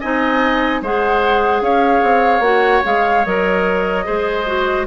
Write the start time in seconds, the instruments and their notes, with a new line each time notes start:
0.00 bassoon C4, clarinet D#4, oboe D#5, flute G#5
0.82 bassoon G#3, clarinet G#4, oboe C5, flute F#5
1.61 bassoon C#4, oboe C#5, flute F5
2.03 bassoon C4
2.40 bassoon A#3, clarinet F#4, flute F#5
2.84 bassoon G#3, clarinet G#4, flute F5
3.25 bassoon F#3, clarinet A#4, flute D#5
4.04 bassoon G#3, clarinet G#4, oboe C5
4.46 clarinet F#4